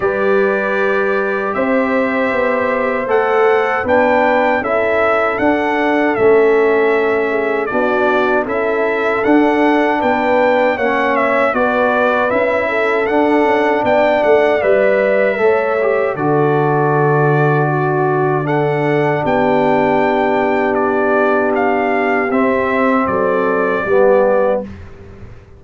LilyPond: <<
  \new Staff \with { instrumentName = "trumpet" } { \time 4/4 \tempo 4 = 78 d''2 e''2 | fis''4 g''4 e''4 fis''4 | e''2 d''4 e''4 | fis''4 g''4 fis''8 e''8 d''4 |
e''4 fis''4 g''8 fis''8 e''4~ | e''4 d''2. | fis''4 g''2 d''4 | f''4 e''4 d''2 | }
  \new Staff \with { instrumentName = "horn" } { \time 4/4 b'2 c''2~ | c''4 b'4 a'2~ | a'4. gis'8 fis'4 a'4~ | a'4 b'4 cis''4 b'4~ |
b'8 a'4. d''2 | cis''4 a'2 fis'4 | a'4 g'2.~ | g'2 a'4 g'4 | }
  \new Staff \with { instrumentName = "trombone" } { \time 4/4 g'1 | a'4 d'4 e'4 d'4 | cis'2 d'4 e'4 | d'2 cis'4 fis'4 |
e'4 d'2 b'4 | a'8 g'8 fis'2. | d'1~ | d'4 c'2 b4 | }
  \new Staff \with { instrumentName = "tuba" } { \time 4/4 g2 c'4 b4 | a4 b4 cis'4 d'4 | a2 b4 cis'4 | d'4 b4 ais4 b4 |
cis'4 d'8 cis'8 b8 a8 g4 | a4 d2.~ | d4 b2.~ | b4 c'4 fis4 g4 | }
>>